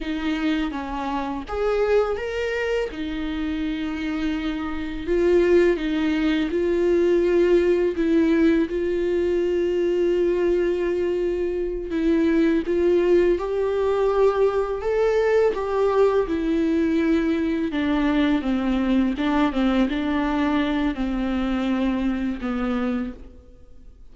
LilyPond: \new Staff \with { instrumentName = "viola" } { \time 4/4 \tempo 4 = 83 dis'4 cis'4 gis'4 ais'4 | dis'2. f'4 | dis'4 f'2 e'4 | f'1~ |
f'8 e'4 f'4 g'4.~ | g'8 a'4 g'4 e'4.~ | e'8 d'4 c'4 d'8 c'8 d'8~ | d'4 c'2 b4 | }